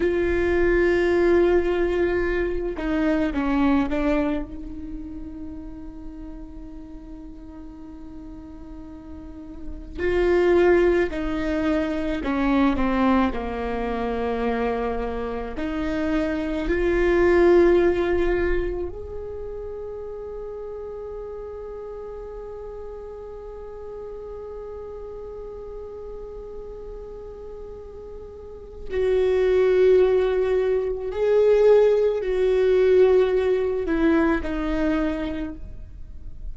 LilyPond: \new Staff \with { instrumentName = "viola" } { \time 4/4 \tempo 4 = 54 f'2~ f'8 dis'8 cis'8 d'8 | dis'1~ | dis'4 f'4 dis'4 cis'8 c'8 | ais2 dis'4 f'4~ |
f'4 gis'2.~ | gis'1~ | gis'2 fis'2 | gis'4 fis'4. e'8 dis'4 | }